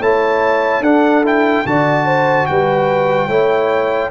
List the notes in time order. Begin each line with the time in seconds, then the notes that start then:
0.00 A3 E4 C#5 A5
0.81 D4 A4 F#5
1.25 E4 G5
1.66 D3 F#4 D5 A5
2.06 C5
2.47 G3 B4 G5
3.28 A3 E4 C#5